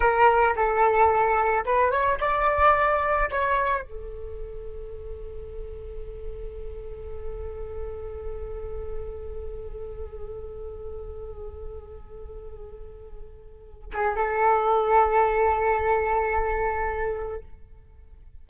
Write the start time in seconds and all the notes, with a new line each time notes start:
0.00 A#4
0.56 A4
1.65 B4
1.91 C#5
2.20 D5
3.30 C#5
3.82 A4
13.93 G#4
14.15 A4